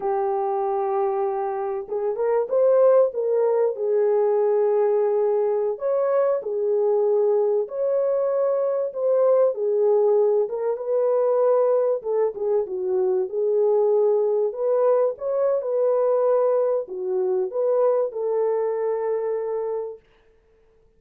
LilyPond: \new Staff \with { instrumentName = "horn" } { \time 4/4 \tempo 4 = 96 g'2. gis'8 ais'8 | c''4 ais'4 gis'2~ | gis'4~ gis'16 cis''4 gis'4.~ gis'16~ | gis'16 cis''2 c''4 gis'8.~ |
gis'8. ais'8 b'2 a'8 gis'16~ | gis'16 fis'4 gis'2 b'8.~ | b'16 cis''8. b'2 fis'4 | b'4 a'2. | }